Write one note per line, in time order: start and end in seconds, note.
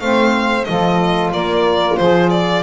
0.00 0.67 A3
0.00 0.66 C4
0.00 0.68 C5
0.00 0.65 F5
0.65 1.33 F3
0.65 2.63 F4
0.65 1.33 A4
0.65 1.31 D#5
1.33 1.99 A#3
1.33 1.98 A#4
1.33 1.97 D5
1.97 2.63 F3
1.97 2.63 G#4
1.97 2.30 C5
2.30 2.63 D5